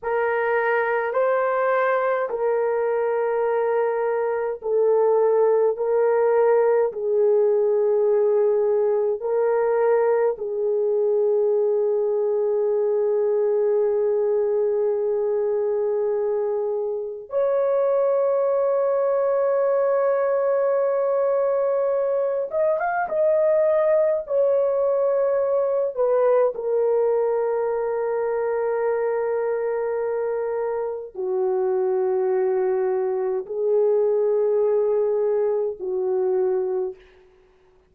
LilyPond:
\new Staff \with { instrumentName = "horn" } { \time 4/4 \tempo 4 = 52 ais'4 c''4 ais'2 | a'4 ais'4 gis'2 | ais'4 gis'2.~ | gis'2. cis''4~ |
cis''2.~ cis''8 dis''16 f''16 | dis''4 cis''4. b'8 ais'4~ | ais'2. fis'4~ | fis'4 gis'2 fis'4 | }